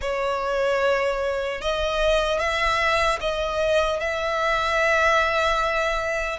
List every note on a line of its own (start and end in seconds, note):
0.01 1.61 C#5
1.61 2.39 D#5
2.39 3.19 E5
3.20 4.00 D#5
4.00 6.39 E5